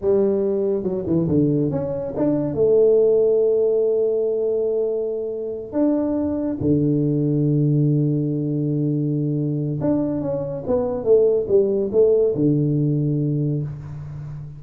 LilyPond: \new Staff \with { instrumentName = "tuba" } { \time 4/4 \tempo 4 = 141 g2 fis8 e8 d4 | cis'4 d'4 a2~ | a1~ | a4. d'2 d8~ |
d1~ | d2. d'4 | cis'4 b4 a4 g4 | a4 d2. | }